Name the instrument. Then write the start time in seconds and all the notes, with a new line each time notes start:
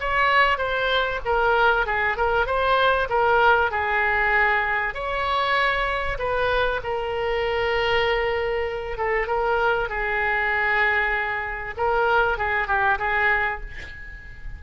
oboe
0.00 C#5
0.58 C5
1.25 A#4
1.86 G#4
2.17 A#4
2.46 C5
3.10 A#4
3.71 G#4
4.94 C#5
6.19 B4
6.84 A#4
8.97 A4
9.27 A#4
9.89 G#4
11.77 A#4
12.38 G#4
12.67 G4
12.99 G#4